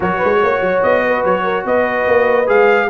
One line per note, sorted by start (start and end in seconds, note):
0.00 0.20 F#3
0.00 2.45 F#4
0.00 0.17 A#4
0.00 0.82 C#5
0.17 0.38 B4
0.23 0.43 G#3
0.42 0.60 A#3
0.42 1.04 C#5
0.60 0.81 F#3
0.82 1.24 B3
0.82 1.24 D#5
1.05 1.43 B4
1.24 1.65 F#3
1.24 1.66 C#5
1.43 1.63 A#4
1.65 2.06 B3
1.65 2.89 B4
1.65 2.48 D#5
2.07 2.48 A#3
2.46 2.89 G#3
2.46 2.87 G#4
2.46 2.89 F5